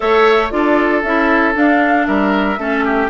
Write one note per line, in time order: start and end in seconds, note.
0.00 0.52 A3
0.00 0.50 A4
0.00 0.52 C#5
0.00 0.49 E5
0.50 1.03 D4
0.50 1.02 F4
0.50 2.07 A4
0.50 1.02 D5
1.02 1.55 C#4
1.02 1.53 E4
1.02 1.54 E5
1.53 2.57 D4
1.53 2.07 D4
1.53 2.06 F5
2.06 2.57 G3
2.06 2.59 A#4
2.06 3.09 E5
2.57 3.09 A3
2.57 3.10 C#4
2.57 2.85 A4
2.85 3.10 G4